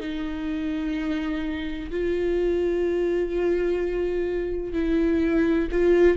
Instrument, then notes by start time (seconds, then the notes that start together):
viola
0.00 D#4
1.91 F4
4.74 E4
5.72 F4